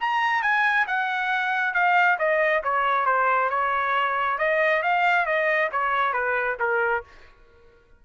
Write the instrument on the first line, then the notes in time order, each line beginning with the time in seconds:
trumpet
0.00 A#5
0.42 G#5
0.87 F#5
1.74 F5
2.18 D#5
2.63 C#5
3.06 C5
3.50 C#5
4.38 D#5
4.82 F5
5.26 D#5
5.72 C#5
6.13 B4
6.60 A#4